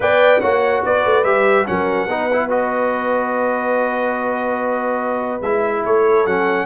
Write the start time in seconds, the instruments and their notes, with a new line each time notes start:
0.00 tuba B3, trombone B4, horn D5, trumpet G5
0.40 tuba A#3, trombone F#4, horn C#5, trumpet F#5
0.84 tuba B3, horn B4, trumpet D5
1.05 tuba A3
1.24 tuba G3, trombone G4, trumpet E5
1.66 tuba F#3, trombone C#4, horn A#4, trumpet F#5
2.07 tuba B3, trombone D#4, horn B4
2.32 trombone E4
2.49 trombone F#4, trumpet D#5
5.41 tuba G#3, trombone E4, trumpet E5
5.85 tuba A3, horn A4, trumpet C#5
6.25 tuba F#3, trombone C#4, trumpet F#5